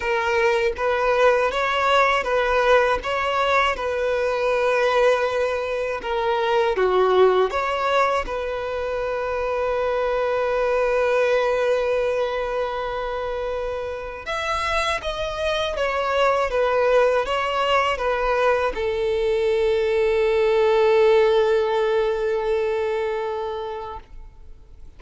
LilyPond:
\new Staff \with { instrumentName = "violin" } { \time 4/4 \tempo 4 = 80 ais'4 b'4 cis''4 b'4 | cis''4 b'2. | ais'4 fis'4 cis''4 b'4~ | b'1~ |
b'2. e''4 | dis''4 cis''4 b'4 cis''4 | b'4 a'2.~ | a'1 | }